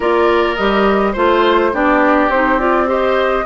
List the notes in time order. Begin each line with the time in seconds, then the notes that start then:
0.00 A#3 F4 A#4 D5
0.56 G3 G4 D#5
1.12 A3 F4 C5
1.72 B3 D4 G4 D5
2.28 C4 D#4 C5
2.59 F4 D5
2.86 G4 C5 D#5